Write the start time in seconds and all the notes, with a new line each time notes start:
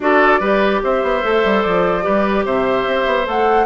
0.00 D4 F#4 A4 D5
0.39 G3 G4 B4
0.83 C4 C5 E5
1.02 B3
1.22 A3 A4
1.44 G3
1.62 F3 D5
2.02 G3 G4 B4
2.45 C3 C5 E5
2.86 C4
3.06 B3
3.25 A3 A4 F#5